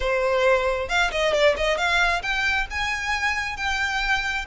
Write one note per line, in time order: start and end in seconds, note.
0.00 0.88 C5
0.88 1.11 F5
1.11 1.33 D#5
1.33 1.55 D5
1.57 1.77 D#5
1.77 2.22 F5
2.22 2.66 G5
2.70 3.56 G#5
3.56 4.45 G5